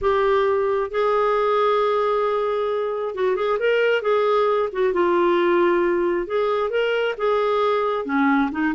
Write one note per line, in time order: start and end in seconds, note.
0.01 0.90 G4
0.90 3.14 G#4
3.14 3.36 F#4
3.36 3.58 G#4
3.59 4.02 A#4
4.02 4.69 G#4
4.72 4.93 F#4
4.93 6.26 F4
6.26 6.70 G#4
6.70 7.14 A#4
7.17 8.05 G#4
8.05 8.50 C#4
8.51 8.74 D#4